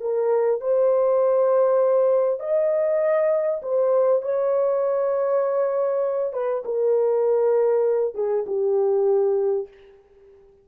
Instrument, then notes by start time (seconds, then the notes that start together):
horn
0.00 A#4
0.60 C5
2.40 D#5
3.62 C5
4.22 C#5
6.33 B4
6.65 A#4
8.14 G#4
8.47 G4